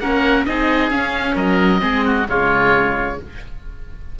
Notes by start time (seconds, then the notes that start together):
0.00 A#3 C#4 A#4 F#5
0.46 C4 D#4 G#4 D#5
0.91 C#4 F5
1.36 F#3 A#4 D#5
1.80 G#3 C4 G#4
2.05 F#4
2.29 C#3 G#3 F4 C#5